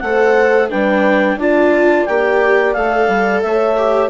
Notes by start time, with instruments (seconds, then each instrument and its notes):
0.00 bassoon A3, viola A4, horn C5, clarinet F#5
0.70 bassoon G3, viola D4, horn B4, clarinet G5
1.37 bassoon D4, viola F4, horn D5, clarinet A5
2.06 bassoon A#3, viola G4, clarinet G5
2.73 bassoon A3, viola A4, clarinet F5
3.08 bassoon G3
3.42 bassoon A3, horn C#5, clarinet E5
3.78 viola G4